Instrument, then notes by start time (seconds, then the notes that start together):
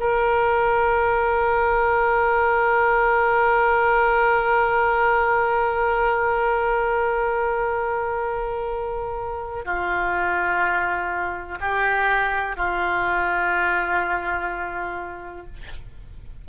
oboe
0.00 A#4
9.65 F4
11.60 G4
12.57 F4